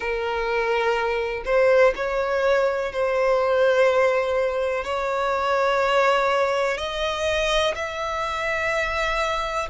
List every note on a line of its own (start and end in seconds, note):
0.00 1.43 A#4
1.45 1.93 C5
1.95 2.92 C#5
2.92 4.84 C5
4.84 6.77 C#5
6.77 7.74 D#5
7.75 9.68 E5